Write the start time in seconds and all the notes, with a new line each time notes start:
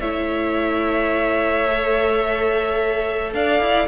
0.00 A3 E4 C#5 E5
1.67 A4
3.34 D4 D5 F5
3.60 E4